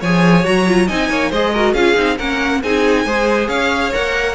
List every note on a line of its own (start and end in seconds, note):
0.00 0.45 F3
0.00 0.43 G#4
0.00 0.86 C#5
0.00 0.45 G#5
0.43 0.89 F#3
0.43 0.65 F#4
0.43 0.88 A#5
0.68 0.88 F4
0.86 1.09 C4
0.86 1.31 D#4
0.86 1.08 D#5
0.86 1.31 G#5
1.09 1.31 A#3
1.09 1.29 C#5
1.29 1.74 G#3
1.29 1.55 G#4
1.29 1.51 C5
1.29 1.74 D#5
1.53 1.75 F#4
1.53 1.73 A#4
1.73 1.95 C#4
1.73 1.95 F4
1.73 2.16 G#4
1.73 2.17 F5
1.95 2.18 C4
1.95 2.17 D#4
2.17 2.63 A#3
2.17 2.62 C#4
2.17 2.61 A#4
2.17 2.62 F#5
2.63 3.05 C4
2.63 3.07 D#4
2.63 3.05 G#4
2.63 3.48 G#5
3.05 3.48 G#3
3.05 3.92 G#4
3.05 3.48 C5
3.48 3.91 C#4
3.48 4.35 C#5
3.48 3.92 F5
3.92 4.35 A#3
3.92 4.35 A#4
3.92 4.35 F#5